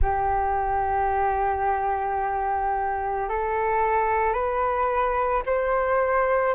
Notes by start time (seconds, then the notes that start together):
0.01 G4
3.28 A4
4.33 B4
5.45 C5